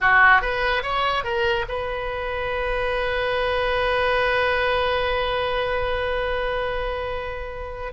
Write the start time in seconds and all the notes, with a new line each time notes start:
0.01 F#4
0.41 B4
0.82 C#5
1.24 A#4
1.68 B4